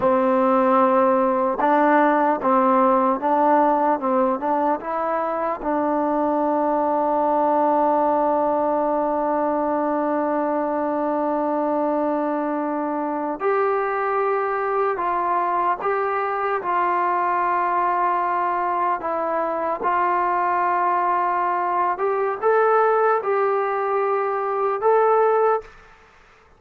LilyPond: \new Staff \with { instrumentName = "trombone" } { \time 4/4 \tempo 4 = 75 c'2 d'4 c'4 | d'4 c'8 d'8 e'4 d'4~ | d'1~ | d'1~ |
d'8. g'2 f'4 g'16~ | g'8. f'2. e'16~ | e'8. f'2~ f'8. g'8 | a'4 g'2 a'4 | }